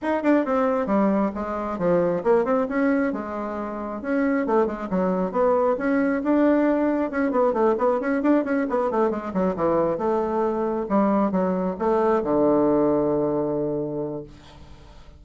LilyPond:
\new Staff \with { instrumentName = "bassoon" } { \time 4/4 \tempo 4 = 135 dis'8 d'8 c'4 g4 gis4 | f4 ais8 c'8 cis'4 gis4~ | gis4 cis'4 a8 gis8 fis4 | b4 cis'4 d'2 |
cis'8 b8 a8 b8 cis'8 d'8 cis'8 b8 | a8 gis8 fis8 e4 a4.~ | a8 g4 fis4 a4 d8~ | d1 | }